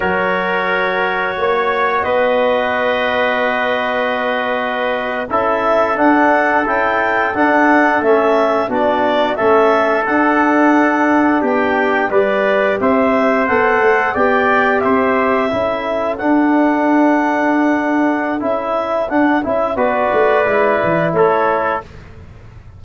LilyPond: <<
  \new Staff \with { instrumentName = "clarinet" } { \time 4/4 \tempo 4 = 88 cis''2. dis''4~ | dis''2.~ dis''8. e''16~ | e''8. fis''4 g''4 fis''4 e''16~ | e''8. d''4 e''4 fis''4~ fis''16~ |
fis''8. g''4 d''4 e''4 fis''16~ | fis''8. g''4 e''2 fis''16~ | fis''2. e''4 | fis''8 e''8 d''2 cis''4 | }
  \new Staff \with { instrumentName = "trumpet" } { \time 4/4 ais'2 cis''4 b'4~ | b'2.~ b'8. a'16~ | a'1~ | a'8. fis'4 a'2~ a'16~ |
a'8. g'4 b'4 c''4~ c''16~ | c''8. d''4 c''4 a'4~ a'16~ | a'1~ | a'4 b'2 a'4 | }
  \new Staff \with { instrumentName = "trombone" } { \time 4/4 fis'1~ | fis'2.~ fis'8. e'16~ | e'8. d'4 e'4 d'4 cis'16~ | cis'8. d'4 cis'4 d'4~ d'16~ |
d'4.~ d'16 g'2 a'16~ | a'8. g'2 e'4 d'16~ | d'2. e'4 | d'8 e'8 fis'4 e'2 | }
  \new Staff \with { instrumentName = "tuba" } { \time 4/4 fis2 ais4 b4~ | b2.~ b8. cis'16~ | cis'8. d'4 cis'4 d'4 a16~ | a8. b4 a4 d'4~ d'16~ |
d'8. b4 g4 c'4 b16~ | b16 a8 b4 c'4 cis'4 d'16~ | d'2. cis'4 | d'8 cis'8 b8 a8 gis8 e8 a4 | }
>>